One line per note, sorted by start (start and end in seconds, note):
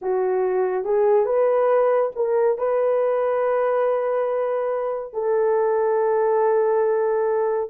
0.01 0.84 F#4
0.84 1.25 G#4
1.25 2.11 B4
2.15 2.58 A#4
2.58 5.13 B4
5.13 7.70 A4